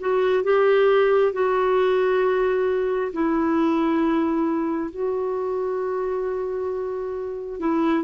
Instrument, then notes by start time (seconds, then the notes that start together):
clarinet
0.00 F#4
0.43 G4
1.32 F#4
3.12 E4
4.91 F#4
7.59 E4